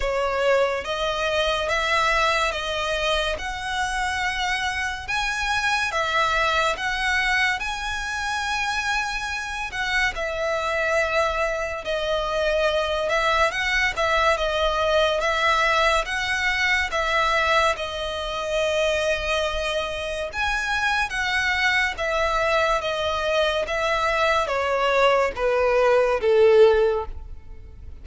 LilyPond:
\new Staff \with { instrumentName = "violin" } { \time 4/4 \tempo 4 = 71 cis''4 dis''4 e''4 dis''4 | fis''2 gis''4 e''4 | fis''4 gis''2~ gis''8 fis''8 | e''2 dis''4. e''8 |
fis''8 e''8 dis''4 e''4 fis''4 | e''4 dis''2. | gis''4 fis''4 e''4 dis''4 | e''4 cis''4 b'4 a'4 | }